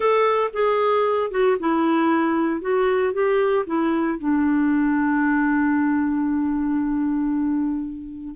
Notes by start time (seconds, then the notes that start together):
0.00 A4
0.53 G#4
1.30 F#4
1.59 E4
2.61 F#4
3.13 G4
3.66 E4
4.19 D4